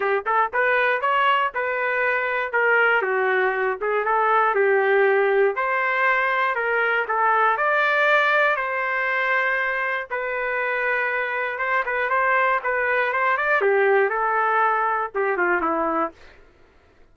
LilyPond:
\new Staff \with { instrumentName = "trumpet" } { \time 4/4 \tempo 4 = 119 g'8 a'8 b'4 cis''4 b'4~ | b'4 ais'4 fis'4. gis'8 | a'4 g'2 c''4~ | c''4 ais'4 a'4 d''4~ |
d''4 c''2. | b'2. c''8 b'8 | c''4 b'4 c''8 d''8 g'4 | a'2 g'8 f'8 e'4 | }